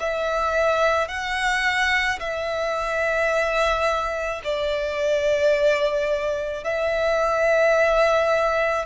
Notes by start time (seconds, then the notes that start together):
0.00 E5
1.08 F#5
2.19 E5
4.44 D5
6.64 E5